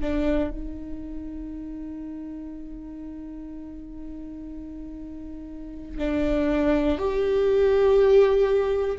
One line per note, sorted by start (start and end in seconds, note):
0.00 0.50 D4
0.50 5.98 D#4
5.98 6.98 D4
6.98 8.98 G4